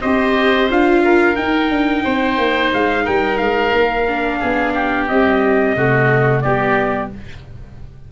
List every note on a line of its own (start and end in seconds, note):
0.00 0.70 C4
0.00 0.69 G4
0.00 1.01 C5
0.00 0.69 D#5
0.69 1.37 D4
0.69 1.35 F4
0.69 1.36 F5
1.04 2.03 A#4
1.35 4.04 D#4
1.35 1.70 D#4
1.35 2.70 G5
1.70 2.03 D4
2.03 2.37 C4
2.03 3.04 C5
2.37 2.71 A#3
2.73 3.07 G#3
2.73 3.06 F5
3.04 3.40 G3
3.04 4.39 A#4
3.04 3.37 G5
3.37 3.72 G#3
3.37 5.06 F5
3.72 4.40 A#3
4.07 5.09 D4
4.39 5.09 B3
4.39 4.73 G#4
4.73 5.75 G4
5.07 5.76 G3
5.07 5.75 C4
5.07 6.41 D#5
5.75 6.43 C3
5.75 6.43 A3
5.75 6.43 F#4
6.41 7.11 G3
6.41 7.11 B3
6.41 7.11 G4
6.41 7.08 D5